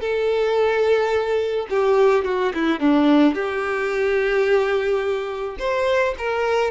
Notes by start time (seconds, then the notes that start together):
0.00 A4
1.69 G4
2.24 F#4
2.54 E4
2.79 D4
3.34 G4
5.59 C5
6.18 A#4